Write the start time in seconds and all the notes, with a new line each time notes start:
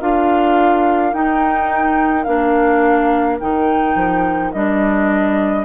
0.00 D4 F4 A#4 F5
1.13 D#4 G5
2.24 A#3 D4 F5
3.40 D#3 D#4 G5
3.96 F3
4.53 G3 D4 D#5